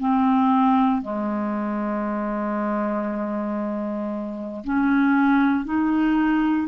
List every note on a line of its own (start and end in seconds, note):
0.00 1.02 C4
1.02 4.64 G#3
4.65 5.65 C#4
5.65 6.68 D#4